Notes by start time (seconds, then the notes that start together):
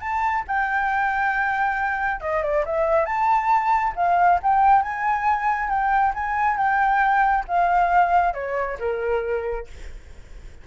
0.00 A5
0.47 G5
2.20 D#5
2.42 D5
2.65 E5
3.05 A5
3.95 F5
4.42 G5
4.82 G#5
5.69 G5
6.14 G#5
6.57 G5
7.48 F5
8.34 C#5
8.79 A#4